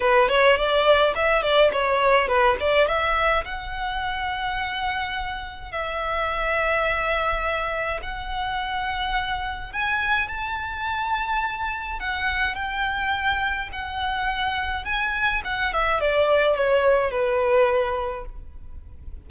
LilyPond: \new Staff \with { instrumentName = "violin" } { \time 4/4 \tempo 4 = 105 b'8 cis''8 d''4 e''8 d''8 cis''4 | b'8 d''8 e''4 fis''2~ | fis''2 e''2~ | e''2 fis''2~ |
fis''4 gis''4 a''2~ | a''4 fis''4 g''2 | fis''2 gis''4 fis''8 e''8 | d''4 cis''4 b'2 | }